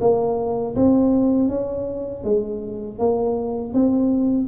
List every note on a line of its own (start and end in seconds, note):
0.00 0.75 A#3
0.75 1.49 C4
1.49 2.24 C#4
2.24 2.98 G#3
2.98 3.73 A#3
3.73 4.48 C4